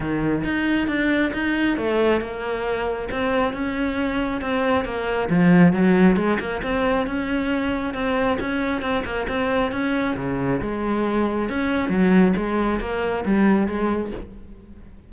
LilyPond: \new Staff \with { instrumentName = "cello" } { \time 4/4 \tempo 4 = 136 dis4 dis'4 d'4 dis'4 | a4 ais2 c'4 | cis'2 c'4 ais4 | f4 fis4 gis8 ais8 c'4 |
cis'2 c'4 cis'4 | c'8 ais8 c'4 cis'4 cis4 | gis2 cis'4 fis4 | gis4 ais4 g4 gis4 | }